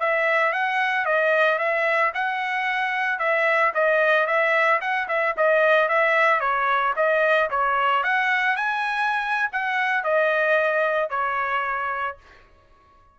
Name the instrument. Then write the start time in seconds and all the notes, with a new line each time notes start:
trumpet
0.00 E5
0.53 F#5
1.06 D#5
1.59 E5
2.14 F#5
3.19 E5
3.74 D#5
4.27 E5
4.81 F#5
5.09 E5
5.37 D#5
5.89 E5
6.41 C#5
6.96 D#5
7.51 C#5
8.04 F#5
8.56 G#5
9.52 F#5
10.04 D#5
11.10 C#5